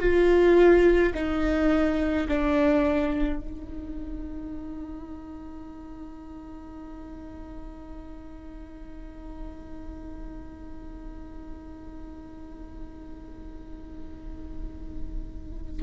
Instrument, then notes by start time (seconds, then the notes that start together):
viola
0.00 F4
1.14 D#4
2.28 D4
3.40 D#4